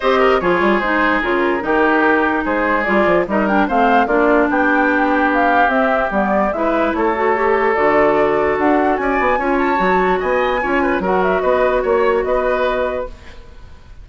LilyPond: <<
  \new Staff \with { instrumentName = "flute" } { \time 4/4 \tempo 4 = 147 dis''4 cis''4 c''4 ais'4~ | ais'2 c''4 d''4 | dis''8 g''8 f''4 d''4 g''4~ | g''4 f''4 e''4 d''4 |
e''4 cis''2 d''4~ | d''4 fis''4 gis''4. a''8~ | a''4 gis''2 fis''8 e''8 | dis''4 cis''4 dis''2 | }
  \new Staff \with { instrumentName = "oboe" } { \time 4/4 c''8 ais'8 gis'2. | g'2 gis'2 | ais'4 c''4 f'4 g'4~ | g'1 |
b'4 a'2.~ | a'2 d''4 cis''4~ | cis''4 dis''4 cis''8 b'8 ais'4 | b'4 cis''4 b'2 | }
  \new Staff \with { instrumentName = "clarinet" } { \time 4/4 g'4 f'4 dis'4 f'4 | dis'2. f'4 | dis'8 d'8 c'4 d'2~ | d'2 c'4 b4 |
e'4. fis'8 g'4 fis'4~ | fis'2. f'4 | fis'2 f'4 fis'4~ | fis'1 | }
  \new Staff \with { instrumentName = "bassoon" } { \time 4/4 c'4 f8 g8 gis4 cis4 | dis2 gis4 g8 f8 | g4 a4 ais4 b4~ | b2 c'4 g4 |
gis4 a2 d4~ | d4 d'4 cis'8 b8 cis'4 | fis4 b4 cis'4 fis4 | b4 ais4 b2 | }
>>